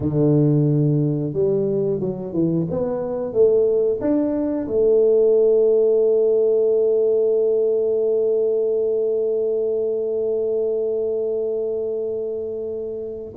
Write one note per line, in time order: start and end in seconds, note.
0.00 1.33 D3
1.33 1.99 G3
1.99 2.33 F#3
2.33 2.66 E3
2.70 3.33 B3
3.33 3.99 A3
4.00 4.67 D4
4.67 13.34 A3